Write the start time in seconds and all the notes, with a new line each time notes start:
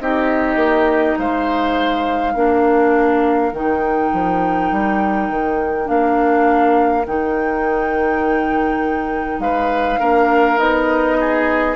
0.00 C4 D#4 G4 D#5
0.55 A#3
1.18 G#3 C5 F5
2.33 A#3 D4 A#4
3.52 D#3 D#4 G5
4.13 F3
4.72 G3
5.29 D#3
5.85 A#3 D4 F5
7.06 D#3 D#4 G5
9.38 G#3 B4 F5
9.99 A#3 D4 A#4
10.57 B3 D#4 D#5
11.20 G#4